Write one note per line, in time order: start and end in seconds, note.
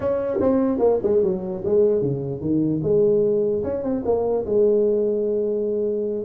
0.00 0.39 C#4
0.40 0.79 C4
0.79 0.99 A#3
1.02 1.22 G#3
1.22 1.63 F#3
1.65 2.01 G#3
2.01 2.40 C#3
2.40 2.81 D#3
2.82 3.63 G#3
3.63 3.83 C#4
3.83 4.03 C4
4.05 4.45 A#3
4.45 6.24 G#3